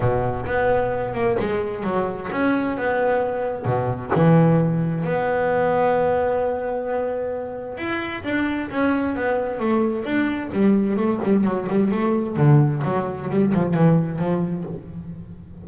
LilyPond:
\new Staff \with { instrumentName = "double bass" } { \time 4/4 \tempo 4 = 131 b,4 b4. ais8 gis4 | fis4 cis'4 b2 | b,4 e2 b4~ | b1~ |
b4 e'4 d'4 cis'4 | b4 a4 d'4 g4 | a8 g8 fis8 g8 a4 d4 | fis4 g8 f8 e4 f4 | }